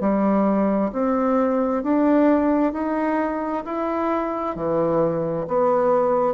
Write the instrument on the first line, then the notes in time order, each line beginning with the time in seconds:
bassoon
0.00 G3
0.92 C4
1.83 D4
2.73 D#4
3.64 E4
4.55 E3
5.48 B3